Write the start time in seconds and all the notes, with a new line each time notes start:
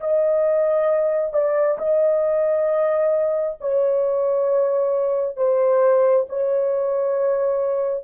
0.00 D#5
1.33 D5
1.78 D#5
3.60 C#5
5.36 C5
6.29 C#5